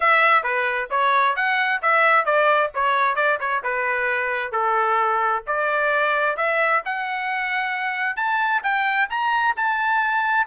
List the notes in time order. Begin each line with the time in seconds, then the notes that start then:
0.00 E5
0.43 B4
0.90 C#5
1.35 F#5
1.82 E5
2.25 D5
2.74 C#5
3.15 D5
3.40 C#5
3.63 B4
4.52 A4
5.46 D5
6.36 E5
6.85 F#5
8.16 A5
8.63 G5
9.09 A#5
9.56 A5